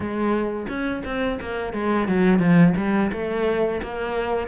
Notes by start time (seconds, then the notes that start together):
0.00 G#3
0.68 C#4
1.04 C4
1.40 A#3
1.73 G#3
2.08 F#3
2.39 F3
2.76 G3
3.12 A3
3.82 A#3